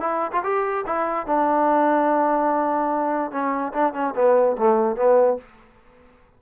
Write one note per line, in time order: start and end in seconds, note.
0.00 0.31 E4
0.32 0.42 F4
0.43 0.85 G4
0.86 1.26 E4
1.26 3.31 D4
3.31 3.72 C#4
3.73 3.93 D4
3.93 4.14 C#4
4.15 4.56 B3
4.57 4.96 A3
4.96 5.37 B3